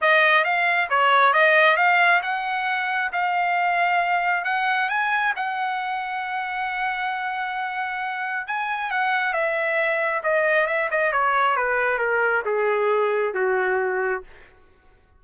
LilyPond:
\new Staff \with { instrumentName = "trumpet" } { \time 4/4 \tempo 4 = 135 dis''4 f''4 cis''4 dis''4 | f''4 fis''2 f''4~ | f''2 fis''4 gis''4 | fis''1~ |
fis''2. gis''4 | fis''4 e''2 dis''4 | e''8 dis''8 cis''4 b'4 ais'4 | gis'2 fis'2 | }